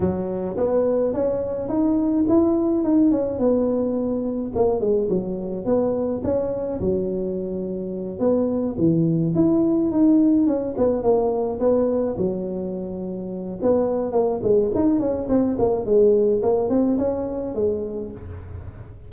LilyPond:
\new Staff \with { instrumentName = "tuba" } { \time 4/4 \tempo 4 = 106 fis4 b4 cis'4 dis'4 | e'4 dis'8 cis'8 b2 | ais8 gis8 fis4 b4 cis'4 | fis2~ fis8 b4 e8~ |
e8 e'4 dis'4 cis'8 b8 ais8~ | ais8 b4 fis2~ fis8 | b4 ais8 gis8 dis'8 cis'8 c'8 ais8 | gis4 ais8 c'8 cis'4 gis4 | }